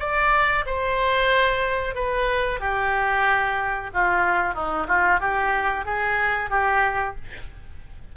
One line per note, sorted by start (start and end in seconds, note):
0.00 0.65 D5
0.66 1.95 C5
1.95 2.60 B4
2.60 3.91 G4
3.94 4.54 F4
4.54 4.87 D#4
4.88 5.20 F4
5.20 5.85 G4
5.85 6.50 G#4
6.50 7.16 G4